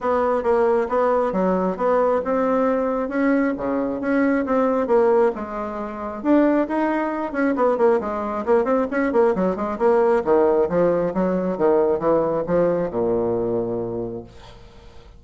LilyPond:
\new Staff \with { instrumentName = "bassoon" } { \time 4/4 \tempo 4 = 135 b4 ais4 b4 fis4 | b4 c'2 cis'4 | cis4 cis'4 c'4 ais4 | gis2 d'4 dis'4~ |
dis'8 cis'8 b8 ais8 gis4 ais8 c'8 | cis'8 ais8 fis8 gis8 ais4 dis4 | f4 fis4 dis4 e4 | f4 ais,2. | }